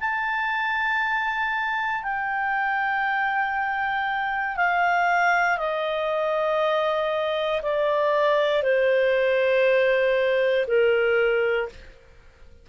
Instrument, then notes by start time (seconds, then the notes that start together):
clarinet
0.00 A5
2.03 G5
4.57 F5
5.57 D#5
7.62 D5
8.63 C5
10.67 A#4